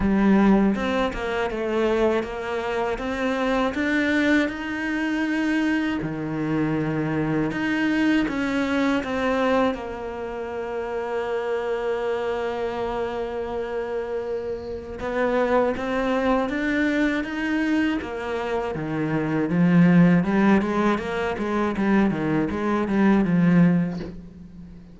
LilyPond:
\new Staff \with { instrumentName = "cello" } { \time 4/4 \tempo 4 = 80 g4 c'8 ais8 a4 ais4 | c'4 d'4 dis'2 | dis2 dis'4 cis'4 | c'4 ais2.~ |
ais1 | b4 c'4 d'4 dis'4 | ais4 dis4 f4 g8 gis8 | ais8 gis8 g8 dis8 gis8 g8 f4 | }